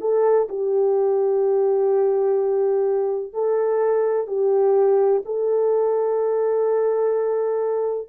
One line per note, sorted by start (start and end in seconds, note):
0.00 0.48 A4
0.49 3.33 G4
3.33 4.27 A4
4.27 5.22 G4
5.25 8.08 A4